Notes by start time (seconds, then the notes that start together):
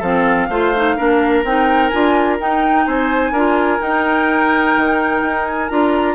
0.00 F3 C4 A4 F5
0.49 A3 F4 C5
0.76 D#4
0.96 A#3 D4 A#4
1.44 C4 D#4 G5
1.88 F4 G#5
1.94 D4
2.40 D#4 G5
2.86 C4 C5 G#5
3.31 D4 F4 A#4
3.79 D#4 G5
4.77 D#3
5.22 D#4
5.46 G#5
5.69 D4 F4 A#5